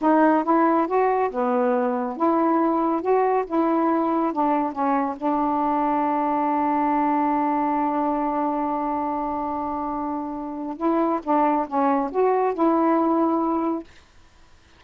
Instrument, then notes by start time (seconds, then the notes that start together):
saxophone
0.01 D#4
0.43 E4
0.87 F#4
1.30 B3
2.16 E4
3.01 F#4
3.46 E4
4.32 D4
4.72 C#4
5.17 D4
10.77 E4
11.23 D4
11.67 C#4
12.11 F#4
12.54 E4